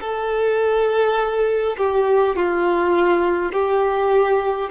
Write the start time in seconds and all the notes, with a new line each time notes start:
0.00 A4
1.77 G4
2.36 F4
3.52 G4